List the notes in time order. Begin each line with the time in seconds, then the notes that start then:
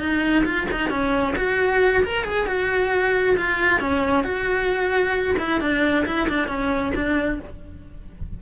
0.00 D#4
0.45 F4
0.72 D#4
0.90 C#4
1.36 F#4
2.04 A#4
2.25 G#4
2.47 F#4
3.37 F4
3.80 C#4
4.24 F#4
5.39 E4
5.61 D4
6.06 E4
6.29 D4
6.48 C#4
6.95 D4